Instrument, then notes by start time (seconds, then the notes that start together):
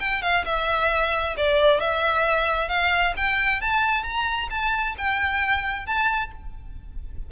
violin
0.00 G5
0.23 F5
0.46 E5
1.37 D5
1.81 E5
2.69 F5
3.17 G5
3.62 A5
4.04 A#5
4.51 A5
4.98 G5
5.86 A5